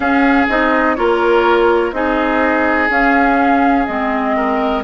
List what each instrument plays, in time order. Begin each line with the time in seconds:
0.00 bassoon C#4, clarinet C#4, oboe G#4, flute F5
0.48 bassoon C4, clarinet D#4, flute D#5
0.95 bassoon A#3, clarinet F4, oboe A#4, flute C#5
1.92 bassoon C4, clarinet D#4, oboe G#4, flute D#5
2.89 bassoon C#4, clarinet C#4, flute F5
3.85 bassoon G#3, clarinet C4, flute D#5
4.36 oboe A#4